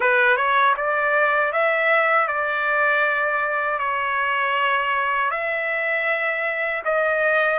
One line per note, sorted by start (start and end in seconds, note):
0.00 0.37 B4
0.37 0.75 C#5
0.76 1.52 D5
1.52 2.27 E5
2.27 3.78 D5
3.78 5.30 C#5
5.30 6.82 E5
6.84 7.59 D#5